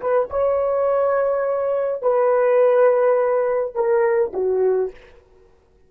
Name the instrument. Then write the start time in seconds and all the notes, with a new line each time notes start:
horn
0.00 B4
0.30 C#5
2.02 B4
3.75 A#4
4.33 F#4